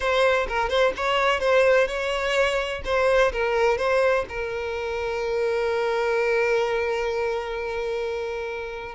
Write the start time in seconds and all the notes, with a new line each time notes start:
0.00 C5
0.48 A#4
0.69 C5
0.96 C#5
1.40 C5
1.87 C#5
2.85 C5
3.32 A#4
3.77 C5
4.29 A#4